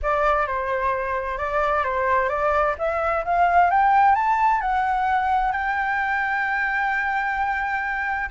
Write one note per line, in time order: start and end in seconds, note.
0.02 0.47 D5
0.47 1.38 C5
1.38 1.84 D5
1.84 2.28 C5
2.28 2.75 D5
2.78 3.24 E5
3.24 3.70 F5
3.70 4.15 G5
4.15 4.61 A5
4.61 5.52 F#5
5.52 8.29 G5